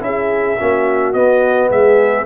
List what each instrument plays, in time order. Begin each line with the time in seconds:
0.00 tuba C#4, trombone E4, horn G#4, trumpet E5
0.60 tuba A#3, trombone C#4, horn F#4
1.13 tuba B3, trombone B3, trumpet D#5
1.70 tuba G#3, horn G#4, trumpet E5